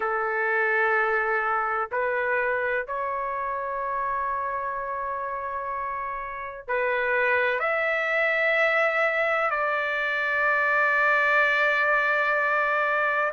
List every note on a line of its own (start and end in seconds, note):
0.00 1.90 A4
1.91 2.86 B4
2.86 6.67 C#5
6.67 7.59 B4
7.59 9.50 E5
9.50 13.31 D5